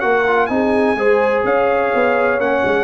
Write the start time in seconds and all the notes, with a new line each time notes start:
0.00 A#3 F#4 A#4 F#5
0.27 F4
0.46 C4 D#4 G#4 G#5
0.95 G#3 G#4 C5
1.44 C#4 C#5 F5
1.94 B3
2.39 A#3 C#4 F#5
2.65 G#3